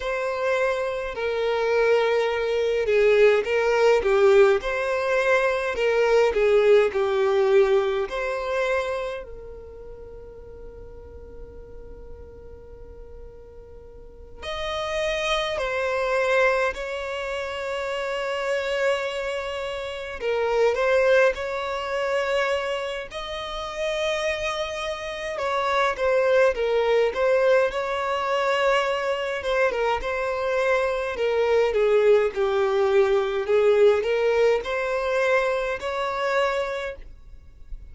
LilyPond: \new Staff \with { instrumentName = "violin" } { \time 4/4 \tempo 4 = 52 c''4 ais'4. gis'8 ais'8 g'8 | c''4 ais'8 gis'8 g'4 c''4 | ais'1~ | ais'8 dis''4 c''4 cis''4.~ |
cis''4. ais'8 c''8 cis''4. | dis''2 cis''8 c''8 ais'8 c''8 | cis''4. c''16 ais'16 c''4 ais'8 gis'8 | g'4 gis'8 ais'8 c''4 cis''4 | }